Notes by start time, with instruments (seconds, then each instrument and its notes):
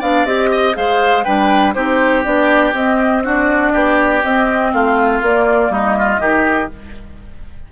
0.00 bassoon B3, clarinet D4, oboe D5, flute F5
0.26 bassoon C4, clarinet G4, flute D#5
0.51 oboe D#5
0.74 bassoon G#3, clarinet G#4, oboe C5, flute F5
1.24 bassoon G3, clarinet D4, oboe B4, flute G5
1.74 bassoon C4, clarinet D#4, oboe G4, flute C5
2.24 bassoon B3, clarinet D4, flute D5
2.73 bassoon C4, clarinet C4, flute D#5
3.23 clarinet D4, oboe F#4, flute D5
3.73 bassoon B3, oboe G4
4.23 bassoon C4, clarinet C4, flute D#5
4.73 bassoon A3, oboe F4, flute F5
5.22 bassoon A#3, clarinet A#3, flute D5
5.70 bassoon G3, oboe D#4, flute D#5
5.99 oboe F4
6.19 bassoon D#3, clarinet D#4, oboe G4